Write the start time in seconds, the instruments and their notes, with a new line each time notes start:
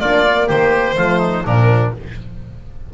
0.00 double bass A#3, horn D4, oboe F4, violin D5
0.26 horn A#3
0.47 double bass D#3, oboe G4, violin C5
0.95 double bass F3, horn A3, oboe F4
1.19 oboe D#4
1.45 double bass A#2, horn F3, oboe D4, violin A#4